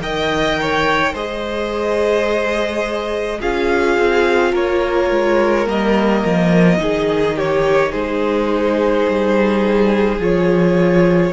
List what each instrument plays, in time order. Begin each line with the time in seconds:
0.00 cello D#3, viola A#4, violin D#5 G5
0.61 violin C#5
1.13 cello G#3, viola G#4, violin C5 D#5
3.40 cello C#4, viola F4, violin G#4 F5
3.97 cello C4
4.52 cello A#3, violin A#4 C#5
5.11 cello G#3
5.66 cello G3, viola A#3, violin D#5
6.25 cello F3
6.78 cello D#3, viola D#4, violin G#4
7.36 violin G4 C#5
7.91 cello G#3, violin G#4 C5
9.08 cello G3
10.19 cello F3, viola F4, violin C#5